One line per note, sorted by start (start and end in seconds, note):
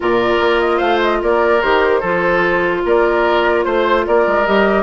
0.00 0.40 A#2
0.00 1.60 F4
0.00 0.77 A#4
0.00 0.60 D5
0.40 0.80 A#3
0.60 0.78 D#5
0.77 1.21 A3
0.77 1.17 C5
0.77 0.99 F5
1.02 1.22 D#5
1.22 1.62 A#3
1.22 2.00 A#4
1.22 1.61 D5
1.61 2.02 D#3
1.61 2.02 G4
1.61 2.83 C5
2.00 2.83 F3
2.00 4.46 F4
2.00 2.81 A4
2.84 3.65 A#3
2.84 3.65 A#4
2.84 3.63 D5
3.63 4.06 A3
3.63 4.04 C5
3.63 4.05 C5
4.06 4.27 A#3
4.06 4.83 A#4
4.06 4.46 D5
4.27 4.47 G#3
4.46 4.83 G3
4.46 4.83 G4
4.46 4.83 D#5